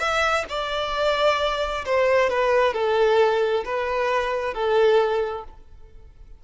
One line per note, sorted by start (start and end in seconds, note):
0.00 0.45 E5
0.50 1.85 D5
1.86 2.30 C5
2.30 2.74 B4
2.74 3.64 A4
3.65 4.54 B4
4.54 5.44 A4